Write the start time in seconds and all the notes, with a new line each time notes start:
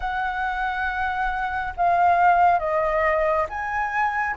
0.00 F#5
1.76 F5
2.59 D#5
3.49 G#5